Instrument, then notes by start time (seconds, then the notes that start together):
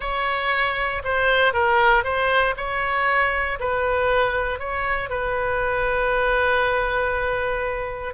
oboe
0.00 C#5
1.04 C5
1.53 A#4
2.04 C5
2.57 C#5
3.59 B4
4.59 C#5
5.09 B4